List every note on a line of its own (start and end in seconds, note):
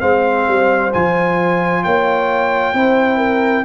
0.00 0.47 G#3
0.00 0.91 C4
0.00 1.84 C5
0.00 0.91 F5
0.48 0.93 G3
0.93 1.85 F3
0.93 2.74 F4
0.93 1.84 G#5
1.84 2.74 A#3
1.84 2.74 C#5
1.84 3.65 G5
2.74 3.65 C4
2.74 3.65 E4
2.74 3.18 C5
3.18 3.63 A#4